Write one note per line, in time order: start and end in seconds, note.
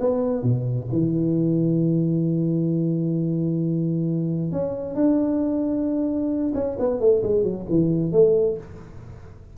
0.00 0.42 B3
0.42 0.88 B2
0.91 4.52 E3
4.52 4.95 C#4
4.95 6.53 D4
6.54 6.77 C#4
6.79 7.00 B3
7.00 7.22 A3
7.23 7.43 G#3
7.43 7.65 F#3
7.69 8.12 E3
8.12 8.57 A3